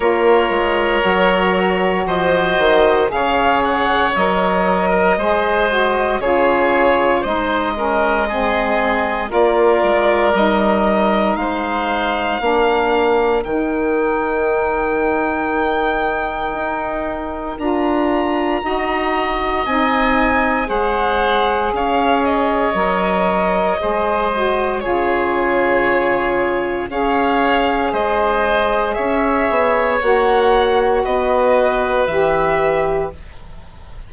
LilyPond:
<<
  \new Staff \with { instrumentName = "violin" } { \time 4/4 \tempo 4 = 58 cis''2 dis''4 f''8 fis''8 | dis''2 cis''4 dis''4~ | dis''4 d''4 dis''4 f''4~ | f''4 g''2.~ |
g''4 ais''2 gis''4 | fis''4 f''8 dis''2~ dis''8 | cis''2 f''4 dis''4 | e''4 fis''4 dis''4 e''4 | }
  \new Staff \with { instrumentName = "oboe" } { \time 4/4 ais'2 c''4 cis''4~ | cis''8. ais'16 c''4 gis'4 c''8 ais'8 | gis'4 ais'2 c''4 | ais'1~ |
ais'2 dis''2 | c''4 cis''2 c''4 | gis'2 cis''4 c''4 | cis''2 b'2 | }
  \new Staff \with { instrumentName = "saxophone" } { \time 4/4 f'4 fis'2 gis'4 | ais'4 gis'8 fis'8 f'4 dis'8 cis'8 | c'4 f'4 dis'2 | d'4 dis'2.~ |
dis'4 f'4 fis'4 dis'4 | gis'2 ais'4 gis'8 fis'8 | f'2 gis'2~ | gis'4 fis'2 g'4 | }
  \new Staff \with { instrumentName = "bassoon" } { \time 4/4 ais8 gis8 fis4 f8 dis8 cis4 | fis4 gis4 cis4 gis4~ | gis4 ais8 gis8 g4 gis4 | ais4 dis2. |
dis'4 d'4 dis'4 c'4 | gis4 cis'4 fis4 gis4 | cis2 cis'4 gis4 | cis'8 b8 ais4 b4 e4 | }
>>